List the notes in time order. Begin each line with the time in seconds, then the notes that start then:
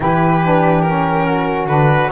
0.00 E3 E4 G4 B4
0.44 D4
0.81 C#4 A#4
1.26 F#4
1.66 D3 D4 B4